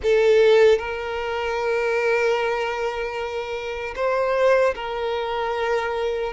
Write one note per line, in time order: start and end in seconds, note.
0.02 0.78 A4
0.78 3.94 A#4
3.95 4.74 C5
4.75 6.33 A#4